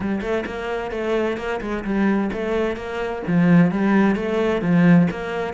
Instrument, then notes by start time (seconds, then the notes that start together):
cello
0.00 G3
0.21 A3
0.46 A#3
0.91 A3
1.37 A#3
1.61 G#3
1.84 G3
2.32 A3
2.76 A#3
3.27 F3
3.71 G3
4.15 A3
4.61 F3
5.11 A#3